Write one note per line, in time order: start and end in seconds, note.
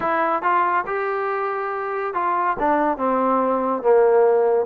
0.00 0.42 E4
0.42 0.85 F4
0.86 2.14 G4
2.14 2.56 F4
2.59 2.97 D4
2.97 3.82 C4
3.82 4.65 A#3